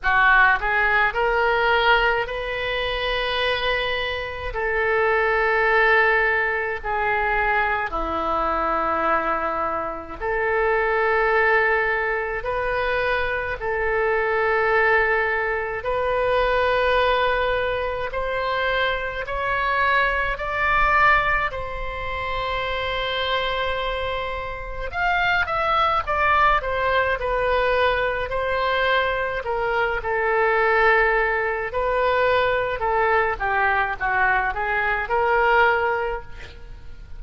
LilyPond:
\new Staff \with { instrumentName = "oboe" } { \time 4/4 \tempo 4 = 53 fis'8 gis'8 ais'4 b'2 | a'2 gis'4 e'4~ | e'4 a'2 b'4 | a'2 b'2 |
c''4 cis''4 d''4 c''4~ | c''2 f''8 e''8 d''8 c''8 | b'4 c''4 ais'8 a'4. | b'4 a'8 g'8 fis'8 gis'8 ais'4 | }